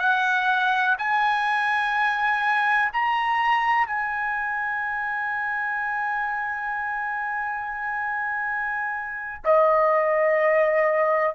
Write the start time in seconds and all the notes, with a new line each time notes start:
0.00 F#5
0.99 G#5
2.93 A#5
3.87 G#5
9.45 D#5